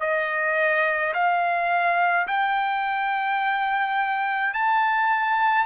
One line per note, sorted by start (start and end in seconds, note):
0.00 1.13 D#5
1.14 2.27 F5
2.27 4.54 G5
4.54 5.66 A5